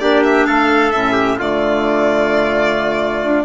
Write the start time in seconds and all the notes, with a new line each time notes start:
0.00 A#3 D4 G4 D5
0.24 E5
0.46 A3 A4 F5
0.92 A2 C#4 E5
1.13 G4
1.39 D3 A3 F4 D5
3.24 D4